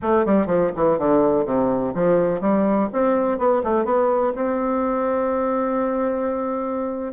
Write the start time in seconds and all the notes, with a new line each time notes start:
0.02 A3
0.25 G3
0.46 F3
0.75 E3
0.98 D3
1.45 C3
1.94 F3
2.40 G3
2.92 C4
3.38 B3
3.63 A3
3.84 B3
4.35 C4